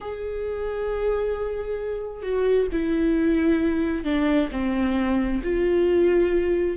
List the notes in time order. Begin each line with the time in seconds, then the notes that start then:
0.00 G#4
2.22 F#4
2.71 E4
4.04 D4
4.51 C4
5.43 F4